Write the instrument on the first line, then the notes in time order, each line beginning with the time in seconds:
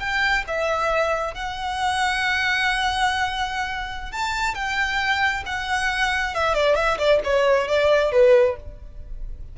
violin
0.00 G5
0.48 E5
1.34 F#5
4.12 A5
4.55 G5
5.46 F#5
6.35 E5
6.54 D5
6.76 E5
6.98 D5
7.24 C#5
7.68 D5
8.12 B4